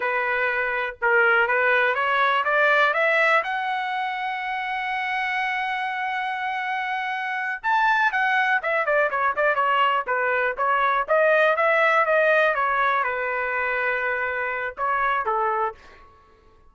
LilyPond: \new Staff \with { instrumentName = "trumpet" } { \time 4/4 \tempo 4 = 122 b'2 ais'4 b'4 | cis''4 d''4 e''4 fis''4~ | fis''1~ | fis''2.~ fis''8 a''8~ |
a''8 fis''4 e''8 d''8 cis''8 d''8 cis''8~ | cis''8 b'4 cis''4 dis''4 e''8~ | e''8 dis''4 cis''4 b'4.~ | b'2 cis''4 a'4 | }